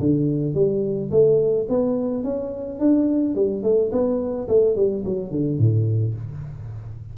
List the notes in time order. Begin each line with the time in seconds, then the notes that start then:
0.00 D3
0.55 G3
1.12 A3
1.69 B3
2.24 C#4
2.80 D4
3.35 G3
3.64 A3
3.92 B3
4.49 A3
4.76 G3
5.05 F#3
5.32 D3
5.59 A2